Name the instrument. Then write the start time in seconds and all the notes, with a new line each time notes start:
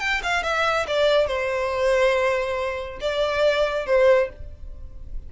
violin
0.00 G5
0.23 F5
0.44 E5
0.88 D5
1.28 C5
3.01 D5
3.87 C5